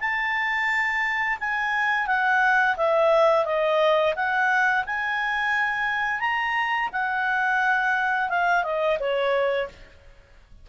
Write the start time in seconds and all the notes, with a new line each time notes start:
0.00 A5
1.40 G#5
2.07 F#5
2.77 E5
3.45 D#5
4.16 F#5
4.86 G#5
6.20 A#5
6.93 F#5
8.29 F5
8.64 D#5
9.00 C#5